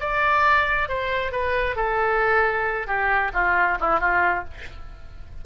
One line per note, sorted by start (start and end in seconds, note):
0.00 0.88 D5
0.88 1.32 C5
1.32 1.76 B4
1.76 2.87 A4
2.87 3.31 G4
3.33 3.78 F4
3.80 4.00 E4
4.00 4.44 F4